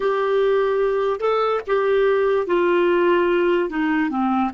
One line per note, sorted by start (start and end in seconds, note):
0.00 1.19 G4
1.19 1.60 A4
1.67 2.46 G4
2.46 3.69 F4
3.69 4.10 D#4
4.10 4.51 C4